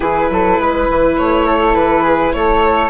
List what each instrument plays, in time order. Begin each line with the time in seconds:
0.00 bassoon E3, viola E4, flute G#4, violin B4
0.29 bassoon F#3, flute A4
0.59 bassoon G#3, flute B4
0.89 bassoon E3
1.17 bassoon A3, violin C#5
1.46 flute A4
1.74 bassoon E3, violin B4
2.02 flute G#4
2.32 bassoon A3, flute A4, violin C#5